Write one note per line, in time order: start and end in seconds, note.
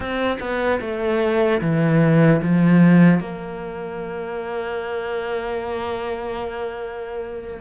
0.00 0.38 C4
0.40 0.80 B3
0.80 1.60 A3
1.61 2.41 E3
2.42 3.20 F3
3.20 7.60 A#3